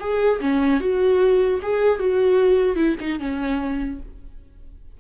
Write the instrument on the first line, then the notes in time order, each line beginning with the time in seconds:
viola
0.00 G#4
0.41 C#4
0.80 F#4
1.62 G#4
2.00 F#4
2.76 E4
3.00 D#4
3.19 C#4